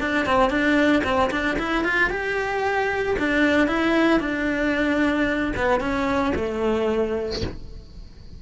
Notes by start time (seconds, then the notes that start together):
0.00 D4
0.25 C4
0.49 D4
1.04 C4
1.31 D4
1.58 E4
1.84 F4
2.10 G4
3.19 D4
3.67 E4
4.20 D4
5.56 B3
5.80 C#4
6.35 A3